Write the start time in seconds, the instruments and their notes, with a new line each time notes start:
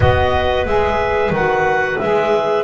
0.00 double bass B3, saxophone F#4, clarinet B4 D#5
0.65 double bass G#3, saxophone G#4, clarinet E5
1.30 double bass D#3, saxophone F#4, clarinet F#5
1.98 double bass G#3, saxophone G#4, clarinet E5